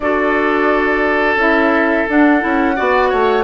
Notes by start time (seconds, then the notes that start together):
0.00 D4 F#4 A4 D5
1.36 C#4 E4 E5
2.08 D4 F#5
2.40 C#4 E4
2.76 B3 F#4 D5
3.09 A3 C#5